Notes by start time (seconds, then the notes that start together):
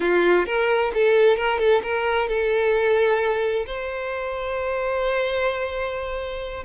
0.00 F4
0.46 A#4
0.94 A4
1.37 A#4
1.59 A4
1.83 A#4
2.28 A4
3.66 C5